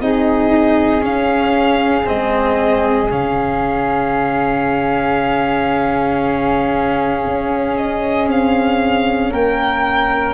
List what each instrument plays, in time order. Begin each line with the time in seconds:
0.00 tuba C4, cello D#4, flute G#4, violin D#5
1.01 cello C#4, tuba C#4, violin F5
2.05 tuba G#3, cello C4, violin D#5
3.11 tuba C#3, cello C#4, violin F5
7.25 tuba C#4
7.77 violin D#5
8.27 tuba C4, violin F5
9.31 tuba A#3, flute A#4, violin G5